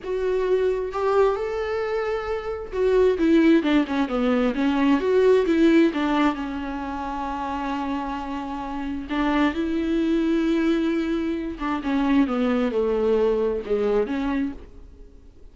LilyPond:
\new Staff \with { instrumentName = "viola" } { \time 4/4 \tempo 4 = 132 fis'2 g'4 a'4~ | a'2 fis'4 e'4 | d'8 cis'8 b4 cis'4 fis'4 | e'4 d'4 cis'2~ |
cis'1 | d'4 e'2.~ | e'4. d'8 cis'4 b4 | a2 gis4 cis'4 | }